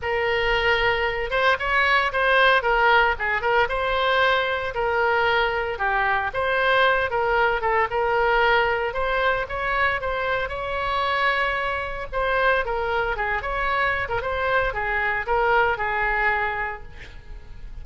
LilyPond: \new Staff \with { instrumentName = "oboe" } { \time 4/4 \tempo 4 = 114 ais'2~ ais'8 c''8 cis''4 | c''4 ais'4 gis'8 ais'8 c''4~ | c''4 ais'2 g'4 | c''4. ais'4 a'8 ais'4~ |
ais'4 c''4 cis''4 c''4 | cis''2. c''4 | ais'4 gis'8 cis''4~ cis''16 ais'16 c''4 | gis'4 ais'4 gis'2 | }